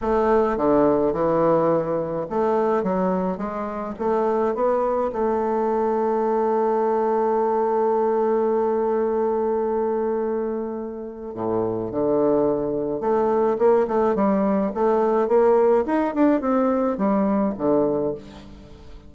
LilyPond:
\new Staff \with { instrumentName = "bassoon" } { \time 4/4 \tempo 4 = 106 a4 d4 e2 | a4 fis4 gis4 a4 | b4 a2.~ | a1~ |
a1 | a,4 d2 a4 | ais8 a8 g4 a4 ais4 | dis'8 d'8 c'4 g4 d4 | }